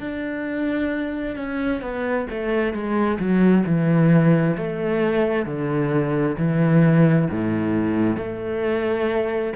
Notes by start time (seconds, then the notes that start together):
0.00 D4
1.36 C#4
1.82 B3
2.31 A3
2.74 G#3
3.19 F#3
3.66 E3
4.57 A3
5.46 D3
6.38 E3
7.31 A2
8.17 A3